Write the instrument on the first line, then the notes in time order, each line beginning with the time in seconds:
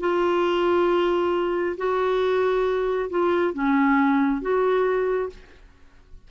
clarinet
0.00 F4
1.77 F#4
3.10 F4
3.54 C#4
4.41 F#4